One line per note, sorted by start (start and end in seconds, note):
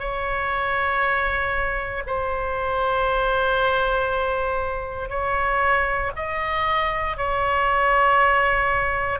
0.00 2.03 C#5
2.07 5.10 C5
5.10 6.12 C#5
6.16 7.17 D#5
7.17 9.20 C#5